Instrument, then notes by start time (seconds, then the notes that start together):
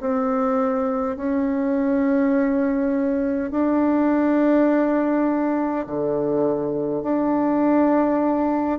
bassoon
0.00 C4
1.16 C#4
3.50 D4
5.86 D3
7.02 D4